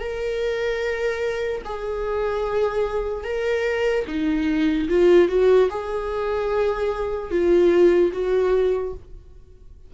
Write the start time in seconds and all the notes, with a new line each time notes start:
0.00 A#4
1.65 G#4
3.24 A#4
4.08 D#4
4.89 F4
5.29 F#4
5.70 G#4
7.31 F4
8.13 F#4